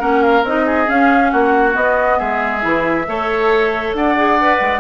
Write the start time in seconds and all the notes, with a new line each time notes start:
0.00 A#3 C#4 A#4 F#5
0.23 F5
0.44 C4 D#4 D#5
0.66 G#4
0.87 C#4 F5
1.31 A#3 F#4 F#5
1.73 B3 D#5
2.19 G#3 G#4 E5
2.62 E3 E4
3.08 A3 A4 C#5
3.94 D4 D5 F#5
4.17 G#4
4.41 B4
4.61 G#3